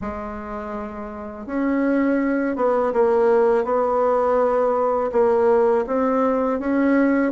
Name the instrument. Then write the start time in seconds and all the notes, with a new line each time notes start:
bassoon
0.01 G#3
1.46 C#4
2.56 B3
2.93 A#3
3.64 B3
5.12 A#3
5.86 C4
6.59 C#4